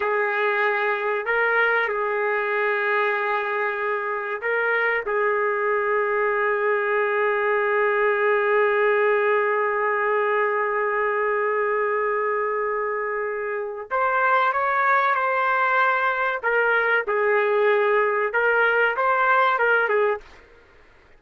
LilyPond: \new Staff \with { instrumentName = "trumpet" } { \time 4/4 \tempo 4 = 95 gis'2 ais'4 gis'4~ | gis'2. ais'4 | gis'1~ | gis'1~ |
gis'1~ | gis'2 c''4 cis''4 | c''2 ais'4 gis'4~ | gis'4 ais'4 c''4 ais'8 gis'8 | }